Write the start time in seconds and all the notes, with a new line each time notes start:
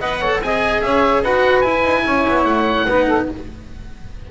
0.00 B3 B4 D#5 F#5
0.19 A4 C#5
0.40 C4 G#4 D#5 G#5
0.81 C#4 C#5 E5
1.22 D#4 F#4 B4 F#5
1.61 E4 G#5
1.84 D#4
2.05 C#4 C#5
2.28 B3
2.45 A3 F#5
2.88 B3 D#4 B4
3.06 A4